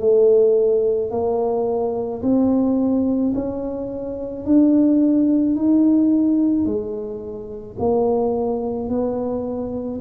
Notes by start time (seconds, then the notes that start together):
0.00 A3
1.11 A#3
2.22 C4
3.35 C#4
4.45 D4
5.56 D#4
6.66 G#3
7.79 A#3
8.89 B3